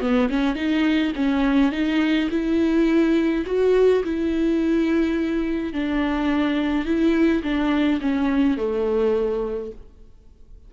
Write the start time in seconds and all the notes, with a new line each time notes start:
0.00 B3
0.29 C#4
0.55 D#4
1.16 C#4
1.72 D#4
2.30 E4
3.46 F#4
4.04 E4
5.73 D4
6.85 E4
7.43 D4
8.01 C#4
8.57 A3